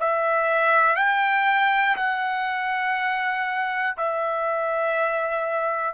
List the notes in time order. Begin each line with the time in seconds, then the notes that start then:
0.00 E5
0.96 G5
1.96 F#5
3.97 E5